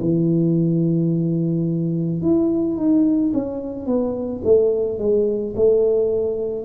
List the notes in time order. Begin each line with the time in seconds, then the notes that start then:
0.00 E3
2.22 E4
2.76 D#4
3.33 C#4
3.86 B3
4.44 A3
4.98 G#3
5.56 A3